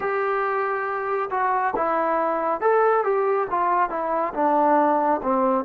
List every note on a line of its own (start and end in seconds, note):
0.00 1.29 G4
1.30 1.74 F#4
1.75 2.60 E4
2.60 3.04 A4
3.04 3.47 G4
3.50 3.89 F4
3.89 4.33 E4
4.34 5.21 D4
5.23 5.64 C4